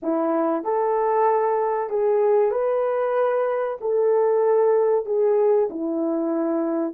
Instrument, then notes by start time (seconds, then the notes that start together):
horn
0.02 E4
0.64 A4
1.89 G#4
2.51 B4
3.80 A4
5.05 G#4
5.70 E4